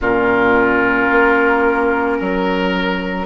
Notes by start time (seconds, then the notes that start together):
0.00 A#2 C#4 F4 A#4
1.10 A#3
2.17 F#3 A#4